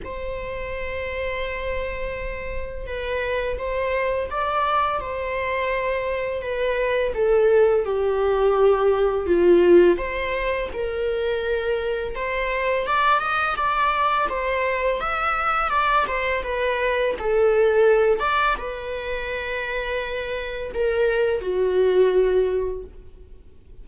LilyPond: \new Staff \with { instrumentName = "viola" } { \time 4/4 \tempo 4 = 84 c''1 | b'4 c''4 d''4 c''4~ | c''4 b'4 a'4 g'4~ | g'4 f'4 c''4 ais'4~ |
ais'4 c''4 d''8 dis''8 d''4 | c''4 e''4 d''8 c''8 b'4 | a'4. d''8 b'2~ | b'4 ais'4 fis'2 | }